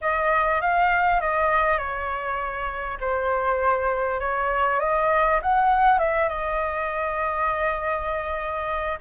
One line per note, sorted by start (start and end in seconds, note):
0.01 0.61 D#5
0.61 1.20 F5
1.20 1.78 D#5
1.78 2.98 C#5
3.00 4.20 C5
4.20 4.80 C#5
4.80 5.40 D#5
5.42 5.98 F#5
5.98 6.28 E5
6.28 8.98 D#5